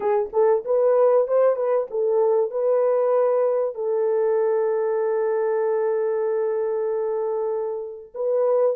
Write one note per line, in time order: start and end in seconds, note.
0.00 0.30 G#4
0.33 0.64 A4
0.64 1.27 B4
1.27 1.56 C5
1.56 1.87 B4
1.90 2.50 A4
2.50 3.74 B4
3.74 8.12 A4
8.14 8.76 B4